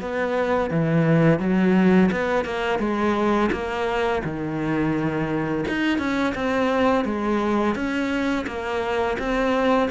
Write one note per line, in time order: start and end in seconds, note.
0.00 0.70 B3
0.70 1.39 E3
1.39 2.10 F#3
2.11 2.44 B3
2.44 2.79 A#3
2.79 3.50 G#3
3.52 4.22 A#3
4.24 5.65 D#3
5.68 5.98 D#4
5.98 6.33 C#4
6.35 7.04 C4
7.04 7.75 G#3
7.75 8.45 C#4
8.46 9.17 A#3
9.18 9.89 C4